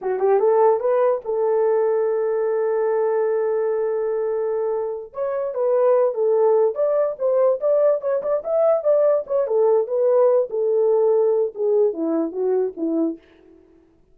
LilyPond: \new Staff \with { instrumentName = "horn" } { \time 4/4 \tempo 4 = 146 fis'8 g'8 a'4 b'4 a'4~ | a'1~ | a'1~ | a'8 cis''4 b'4. a'4~ |
a'8 d''4 c''4 d''4 cis''8 | d''8 e''4 d''4 cis''8 a'4 | b'4. a'2~ a'8 | gis'4 e'4 fis'4 e'4 | }